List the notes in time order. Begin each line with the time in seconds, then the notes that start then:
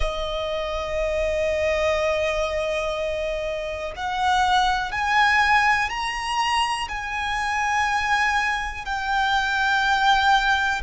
0.00 D#5
3.96 F#5
4.91 G#5
5.89 A#5
6.88 G#5
8.85 G5